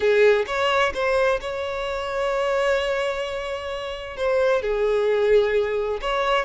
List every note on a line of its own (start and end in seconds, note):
0.00 0.45 G#4
0.46 0.93 C#5
0.94 1.40 C5
1.40 4.16 C#5
4.16 4.62 C5
4.62 6.00 G#4
6.01 6.45 C#5